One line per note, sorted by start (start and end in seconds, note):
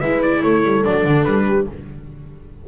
0.00 0.43 G#3
0.00 0.85 E4
0.00 0.41 B4
0.00 0.21 E5
0.23 0.43 D5
0.43 0.64 A3
0.43 1.47 A4
0.43 0.85 C#5
0.64 0.85 G3
0.85 1.05 F#3
0.85 1.67 D4
0.85 1.25 D5
1.05 1.25 D3
1.25 1.68 G3
1.25 1.66 B4
1.48 1.69 G4